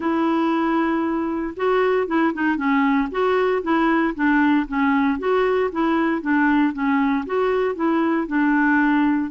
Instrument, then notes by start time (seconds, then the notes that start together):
clarinet
0.00 E4
1.56 F#4
2.07 E4
2.33 D#4
2.56 C#4
3.11 F#4
3.62 E4
4.14 D4
4.67 C#4
5.18 F#4
5.72 E4
6.21 D4
6.73 C#4
7.26 F#4
7.75 E4
8.27 D4